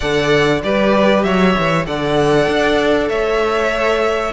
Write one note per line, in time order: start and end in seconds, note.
0.00 0.63 D3
0.00 0.63 A4
0.00 0.62 D5
0.00 0.61 F#5
0.63 1.23 G3
0.63 1.85 G4
0.63 1.24 B4
0.63 1.23 D5
1.23 1.54 F#3
1.23 1.86 C#5
1.23 1.85 E5
1.57 1.86 E3
1.85 2.47 D3
1.85 4.32 A4
1.85 3.09 D5
1.85 3.09 F#5
2.47 3.09 D4
3.09 4.32 A3
3.09 4.32 C#5
3.09 4.32 E5